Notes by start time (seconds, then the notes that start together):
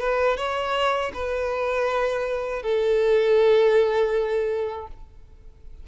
0.00 B4
0.37 C#5
1.14 B4
2.62 A4